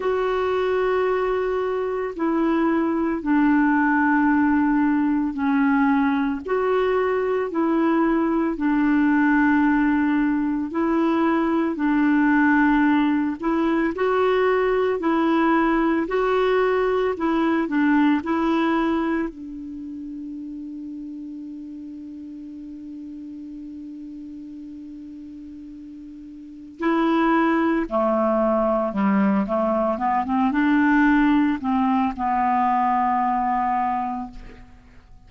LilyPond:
\new Staff \with { instrumentName = "clarinet" } { \time 4/4 \tempo 4 = 56 fis'2 e'4 d'4~ | d'4 cis'4 fis'4 e'4 | d'2 e'4 d'4~ | d'8 e'8 fis'4 e'4 fis'4 |
e'8 d'8 e'4 d'2~ | d'1~ | d'4 e'4 a4 g8 a8 | b16 c'16 d'4 c'8 b2 | }